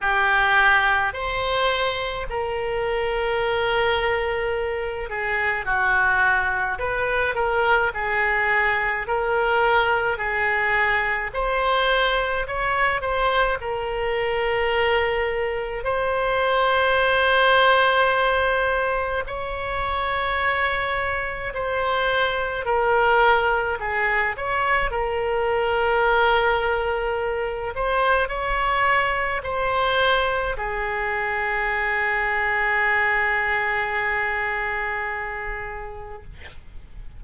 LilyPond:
\new Staff \with { instrumentName = "oboe" } { \time 4/4 \tempo 4 = 53 g'4 c''4 ais'2~ | ais'8 gis'8 fis'4 b'8 ais'8 gis'4 | ais'4 gis'4 c''4 cis''8 c''8 | ais'2 c''2~ |
c''4 cis''2 c''4 | ais'4 gis'8 cis''8 ais'2~ | ais'8 c''8 cis''4 c''4 gis'4~ | gis'1 | }